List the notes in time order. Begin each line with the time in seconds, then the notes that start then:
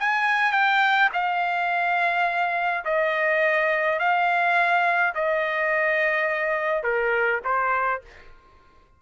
0.00 G#5
0.52 G5
1.13 F5
2.85 D#5
3.99 F5
5.15 D#5
6.84 A#4
7.45 C5